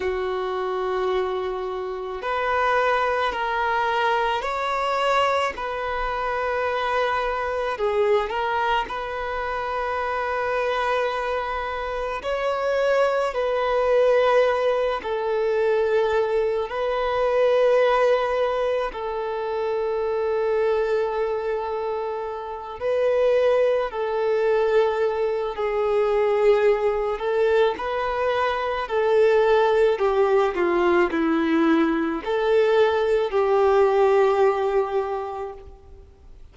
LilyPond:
\new Staff \with { instrumentName = "violin" } { \time 4/4 \tempo 4 = 54 fis'2 b'4 ais'4 | cis''4 b'2 gis'8 ais'8 | b'2. cis''4 | b'4. a'4. b'4~ |
b'4 a'2.~ | a'8 b'4 a'4. gis'4~ | gis'8 a'8 b'4 a'4 g'8 f'8 | e'4 a'4 g'2 | }